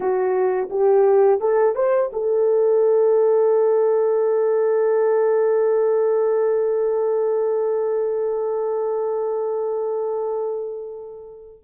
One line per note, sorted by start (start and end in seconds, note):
0.00 0.68 F#4
0.69 1.40 G4
1.40 1.75 A4
1.75 2.10 C5
2.12 11.64 A4